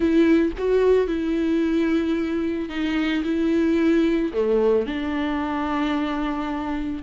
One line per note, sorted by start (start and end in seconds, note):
0.00 0.51 E4
0.57 1.07 F#4
1.07 2.69 E4
2.69 3.23 D#4
3.23 4.31 E4
4.33 4.86 A3
4.86 7.02 D4